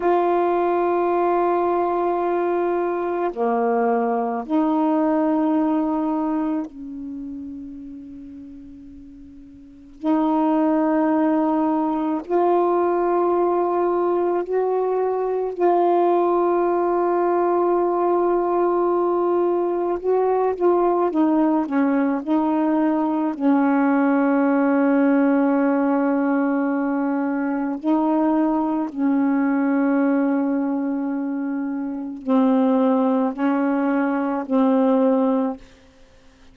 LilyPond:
\new Staff \with { instrumentName = "saxophone" } { \time 4/4 \tempo 4 = 54 f'2. ais4 | dis'2 cis'2~ | cis'4 dis'2 f'4~ | f'4 fis'4 f'2~ |
f'2 fis'8 f'8 dis'8 cis'8 | dis'4 cis'2.~ | cis'4 dis'4 cis'2~ | cis'4 c'4 cis'4 c'4 | }